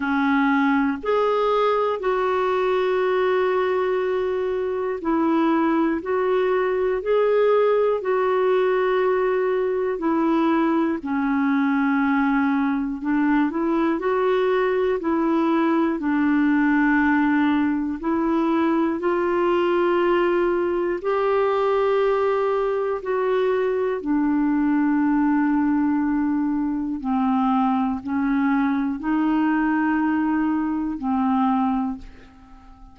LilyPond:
\new Staff \with { instrumentName = "clarinet" } { \time 4/4 \tempo 4 = 60 cis'4 gis'4 fis'2~ | fis'4 e'4 fis'4 gis'4 | fis'2 e'4 cis'4~ | cis'4 d'8 e'8 fis'4 e'4 |
d'2 e'4 f'4~ | f'4 g'2 fis'4 | d'2. c'4 | cis'4 dis'2 c'4 | }